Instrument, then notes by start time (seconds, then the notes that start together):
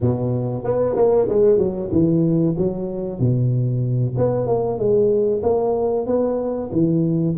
tuba
0.01 B2
0.64 B3
0.96 A#3
1.28 G#3
1.58 F#3
1.91 E3
2.57 F#3
3.19 B2
4.17 B3
4.46 A#3
4.78 G#3
5.42 A#3
6.06 B3
6.72 E3